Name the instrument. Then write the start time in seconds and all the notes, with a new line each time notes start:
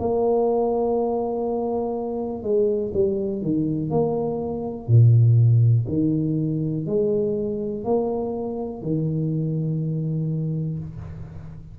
tuba
0.00 A#3
2.43 G#3
2.94 G3
3.42 D#3
3.90 A#3
4.88 A#2
5.89 D#3
6.87 G#3
7.84 A#3
8.83 D#3